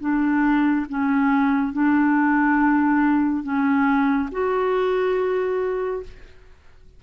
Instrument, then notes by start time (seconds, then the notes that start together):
clarinet
0.00 D4
0.89 C#4
1.73 D4
3.43 C#4
4.31 F#4